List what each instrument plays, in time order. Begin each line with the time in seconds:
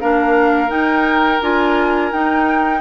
0.00 bassoon A#3, clarinet D4, oboe A#4, flute F5
0.68 clarinet D#4, bassoon D#4, flute G5
1.41 bassoon D4, clarinet F4, flute G#5
2.12 bassoon D#4, clarinet D#4, flute G5